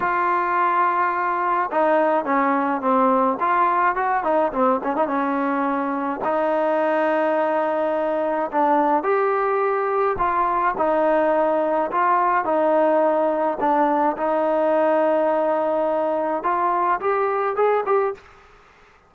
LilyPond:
\new Staff \with { instrumentName = "trombone" } { \time 4/4 \tempo 4 = 106 f'2. dis'4 | cis'4 c'4 f'4 fis'8 dis'8 | c'8 cis'16 dis'16 cis'2 dis'4~ | dis'2. d'4 |
g'2 f'4 dis'4~ | dis'4 f'4 dis'2 | d'4 dis'2.~ | dis'4 f'4 g'4 gis'8 g'8 | }